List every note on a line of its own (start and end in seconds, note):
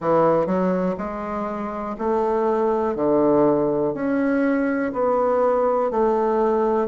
0.00 0.46 E3
0.46 0.95 F#3
0.97 1.96 G#3
1.98 2.95 A3
2.95 3.93 D3
3.93 4.92 C#4
4.92 5.91 B3
5.91 6.87 A3